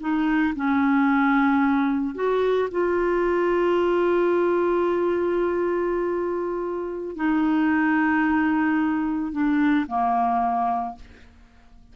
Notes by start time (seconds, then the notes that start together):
0.00 D#4
0.56 C#4
2.15 F#4
2.71 F4
7.16 D#4
9.32 D4
9.87 A#3